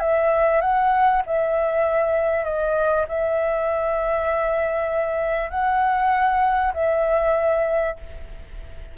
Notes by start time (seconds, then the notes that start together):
0.00 E5
0.61 F#5
1.26 E5
2.44 D#5
3.08 E5
5.50 F#5
6.74 E5